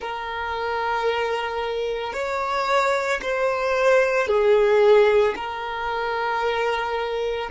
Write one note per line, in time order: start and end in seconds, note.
0.00 2.13 A#4
2.13 3.20 C#5
3.21 4.27 C5
4.27 5.34 G#4
5.36 7.50 A#4